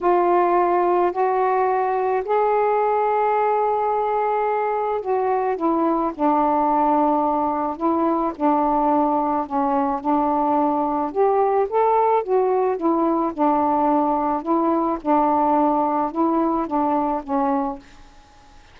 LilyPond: \new Staff \with { instrumentName = "saxophone" } { \time 4/4 \tempo 4 = 108 f'2 fis'2 | gis'1~ | gis'4 fis'4 e'4 d'4~ | d'2 e'4 d'4~ |
d'4 cis'4 d'2 | g'4 a'4 fis'4 e'4 | d'2 e'4 d'4~ | d'4 e'4 d'4 cis'4 | }